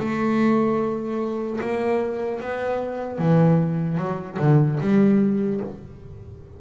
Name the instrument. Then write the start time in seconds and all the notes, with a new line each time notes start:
double bass
0.00 A3
1.61 A#3
2.41 B3
3.19 E3
3.98 F#3
4.40 D3
4.81 G3